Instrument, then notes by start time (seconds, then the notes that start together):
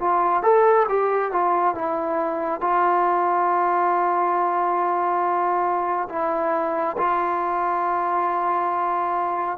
trombone
0.00 F4
0.43 A4
0.89 G4
1.32 F4
1.75 E4
2.61 F4
6.10 E4
6.98 F4